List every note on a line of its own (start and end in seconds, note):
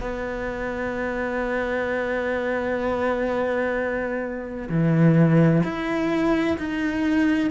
0.00 4.69 B3
4.69 5.62 E3
5.63 6.57 E4
6.58 7.50 D#4